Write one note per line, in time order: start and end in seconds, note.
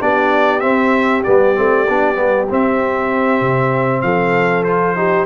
0.00 0.63 B3
0.00 0.61 D4
0.00 4.02 G4
0.00 0.60 D5
0.60 1.23 C4
0.60 1.25 C4
0.60 1.22 E5
1.24 1.58 G3
1.24 1.55 B3
1.24 2.47 D5
1.55 1.89 A3
1.55 1.86 C4
1.89 2.17 B3
1.89 2.15 D4
2.15 2.48 G3
2.15 2.46 B3
2.50 4.66 C4
2.50 3.41 C4
2.50 4.01 E5
3.41 4.03 C3
4.01 5.26 F3
4.01 4.97 A4
4.01 4.63 F5
4.64 4.96 F4
4.64 5.26 C5
4.96 5.26 D#4
4.96 5.26 G4